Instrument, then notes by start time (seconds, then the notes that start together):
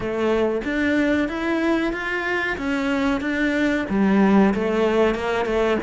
cello
0.00 A3
0.64 D4
1.28 E4
1.92 F4
2.57 C#4
3.21 D4
3.89 G3
4.54 A3
5.14 A#3
5.45 A3